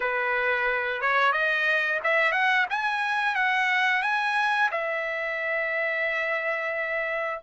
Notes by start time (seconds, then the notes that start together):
0.00 B4
1.01 C#5
1.32 D#5
2.03 E5
2.32 F#5
2.70 G#5
3.35 F#5
4.02 G#5
4.71 E5